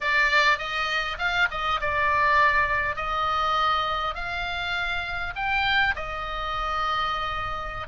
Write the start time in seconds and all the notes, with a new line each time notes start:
0.01 D5
0.58 D#5
1.18 F5
1.50 D#5
1.81 D5
2.96 D#5
4.14 F5
5.35 G5
5.95 D#5